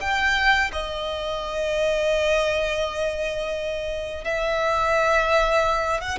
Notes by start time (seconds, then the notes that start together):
0.00 G5
0.72 D#5
4.24 E5
6.00 F#5